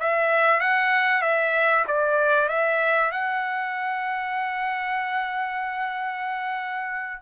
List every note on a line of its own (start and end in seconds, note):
0.00 0.61 E5
0.61 1.22 F#5
1.22 1.85 E5
1.87 2.49 D5
2.49 3.12 E5
3.12 7.22 F#5